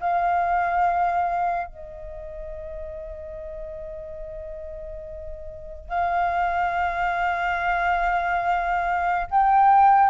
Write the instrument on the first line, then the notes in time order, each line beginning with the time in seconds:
flute
0.00 F5
1.67 D#5
5.89 F5
9.30 G5